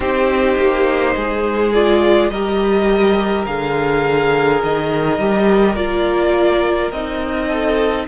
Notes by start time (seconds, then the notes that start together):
0.00 C4 D#4 G4 C5
0.57 A#3
1.15 G#3 G#4
1.73 F4 D5
2.29 G3 G4 A#4 D#5
3.46 D3 G#4 F5
4.62 D#3 D#5
5.19 G3 G4
5.75 A#3 F4 D5
6.91 C4 D#4 D#5
7.47 A4